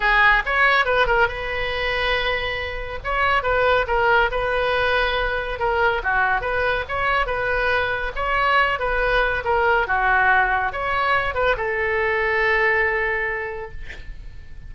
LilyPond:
\new Staff \with { instrumentName = "oboe" } { \time 4/4 \tempo 4 = 140 gis'4 cis''4 b'8 ais'8 b'4~ | b'2. cis''4 | b'4 ais'4 b'2~ | b'4 ais'4 fis'4 b'4 |
cis''4 b'2 cis''4~ | cis''8 b'4. ais'4 fis'4~ | fis'4 cis''4. b'8 a'4~ | a'1 | }